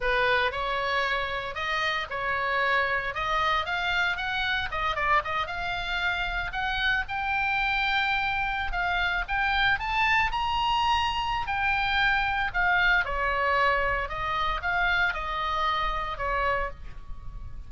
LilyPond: \new Staff \with { instrumentName = "oboe" } { \time 4/4 \tempo 4 = 115 b'4 cis''2 dis''4 | cis''2 dis''4 f''4 | fis''4 dis''8 d''8 dis''8 f''4.~ | f''8 fis''4 g''2~ g''8~ |
g''8. f''4 g''4 a''4 ais''16~ | ais''2 g''2 | f''4 cis''2 dis''4 | f''4 dis''2 cis''4 | }